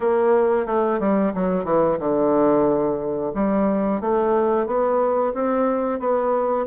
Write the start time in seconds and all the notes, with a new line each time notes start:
0.00 A#3
0.66 A3
0.99 G3
1.34 F#3
1.64 E3
1.99 D3
3.34 G3
4.01 A3
4.66 B3
5.34 C4
5.99 B3